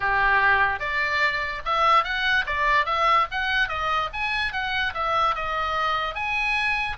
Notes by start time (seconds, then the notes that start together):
0.00 G4
0.79 D5
1.65 E5
2.03 F#5
2.46 D5
2.85 E5
3.31 F#5
3.68 D#5
4.13 G#5
4.52 F#5
4.94 E5
5.35 D#5
6.15 G#5